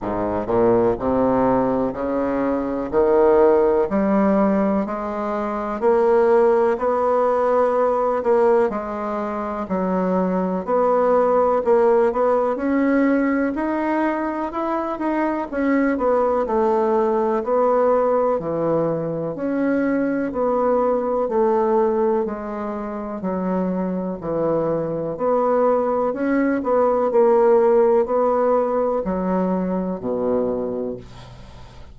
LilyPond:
\new Staff \with { instrumentName = "bassoon" } { \time 4/4 \tempo 4 = 62 gis,8 ais,8 c4 cis4 dis4 | g4 gis4 ais4 b4~ | b8 ais8 gis4 fis4 b4 | ais8 b8 cis'4 dis'4 e'8 dis'8 |
cis'8 b8 a4 b4 e4 | cis'4 b4 a4 gis4 | fis4 e4 b4 cis'8 b8 | ais4 b4 fis4 b,4 | }